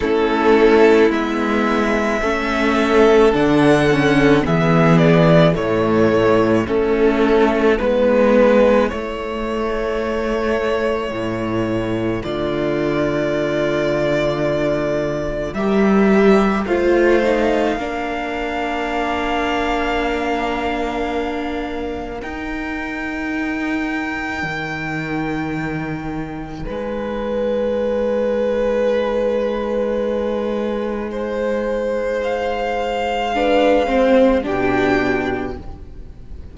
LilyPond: <<
  \new Staff \with { instrumentName = "violin" } { \time 4/4 \tempo 4 = 54 a'4 e''2 fis''4 | e''8 d''8 cis''4 a'4 b'4 | cis''2. d''4~ | d''2 e''4 f''4~ |
f''1 | g''1 | gis''1~ | gis''4 f''2 g''4 | }
  \new Staff \with { instrumentName = "violin" } { \time 4/4 e'2 a'2 | gis'4 e'2.~ | e'2. f'4~ | f'2 ais'4 c''4 |
ais'1~ | ais'1 | b'1 | c''2 b'8 c''8 g'4 | }
  \new Staff \with { instrumentName = "viola" } { \time 4/4 cis'4 b4 cis'4 d'8 cis'8 | b4 a4 cis'4 b4 | a1~ | a2 g'4 f'8 dis'8 |
d'1 | dis'1~ | dis'1~ | dis'2 d'8 c'8 d'4 | }
  \new Staff \with { instrumentName = "cello" } { \time 4/4 a4 gis4 a4 d4 | e4 a,4 a4 gis4 | a2 a,4 d4~ | d2 g4 a4 |
ais1 | dis'2 dis2 | gis1~ | gis2. b,4 | }
>>